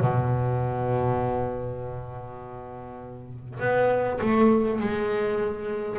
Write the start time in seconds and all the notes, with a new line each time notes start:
0.00 B2
3.59 B3
4.20 A3
4.79 G#3